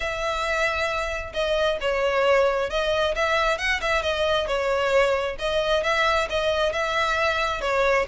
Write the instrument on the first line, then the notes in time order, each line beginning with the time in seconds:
violin
0.00 E5
1.33 D#5
1.80 C#5
2.70 D#5
3.15 E5
3.57 F#5
3.81 E5
4.02 D#5
4.47 C#5
5.38 D#5
5.83 E5
6.29 D#5
6.72 E5
7.61 C#5